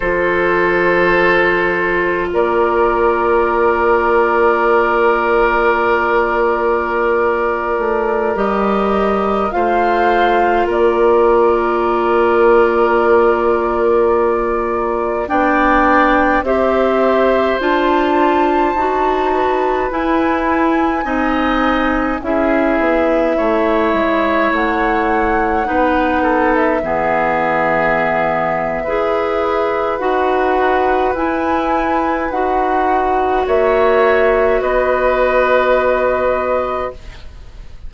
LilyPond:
<<
  \new Staff \with { instrumentName = "flute" } { \time 4/4 \tempo 4 = 52 c''2 d''2~ | d''2.~ d''16 dis''8.~ | dis''16 f''4 d''2~ d''8.~ | d''4~ d''16 g''4 e''4 a''8.~ |
a''4~ a''16 gis''2 e''8.~ | e''4~ e''16 fis''4.~ fis''16 e''4~ | e''2 fis''4 gis''4 | fis''4 e''4 dis''2 | }
  \new Staff \with { instrumentName = "oboe" } { \time 4/4 a'2 ais'2~ | ais'1~ | ais'16 c''4 ais'2~ ais'8.~ | ais'4~ ais'16 d''4 c''4.~ c''16~ |
c''8. b'4. dis''4 gis'8.~ | gis'16 cis''2 b'8 a'8 gis'8.~ | gis'4 b'2.~ | b'4 cis''4 b'2 | }
  \new Staff \with { instrumentName = "clarinet" } { \time 4/4 f'1~ | f'2.~ f'16 g'8.~ | g'16 f'2.~ f'8.~ | f'4~ f'16 d'4 g'4 f'8.~ |
f'16 fis'4 e'4 dis'4 e'8.~ | e'2~ e'16 dis'4 b8.~ | b4 gis'4 fis'4 e'4 | fis'1 | }
  \new Staff \with { instrumentName = "bassoon" } { \time 4/4 f2 ais2~ | ais2~ ais8. a8 g8.~ | g16 a4 ais2~ ais8.~ | ais4~ ais16 b4 c'4 d'8.~ |
d'16 dis'4 e'4 c'4 cis'8 b16~ | b16 a8 gis8 a4 b4 e8.~ | e4 e'4 dis'4 e'4 | dis'4 ais4 b2 | }
>>